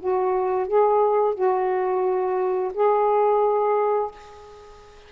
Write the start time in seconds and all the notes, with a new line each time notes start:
0.00 F#4
0.68 G#4
1.35 F#4
2.74 G#4